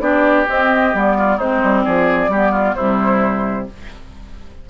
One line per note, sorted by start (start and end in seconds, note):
0.00 0.46 B3
0.00 0.47 D4
0.00 1.17 G4
0.00 0.46 D5
0.49 0.95 C4
0.49 0.94 C4
0.49 0.95 D#5
0.94 1.39 G3
0.94 1.40 B3
0.94 1.39 D5
1.18 1.37 F4
1.37 1.62 G#3
1.37 2.32 C4
1.37 1.83 D#4
1.37 1.84 C5
1.63 1.86 G3
1.84 2.28 F3
1.84 2.31 G#4
1.84 2.75 D5
2.28 2.74 G3
2.28 2.78 B3
2.28 2.52 G4
2.52 2.75 F4
2.75 3.70 C3
2.75 3.70 G3
2.75 3.68 E4
2.75 3.67 C5